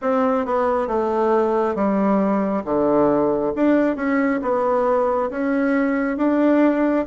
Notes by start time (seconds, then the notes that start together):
0.01 C4
0.45 B3
0.87 A3
1.74 G3
2.64 D3
3.55 D4
3.96 C#4
4.42 B3
5.30 C#4
6.17 D4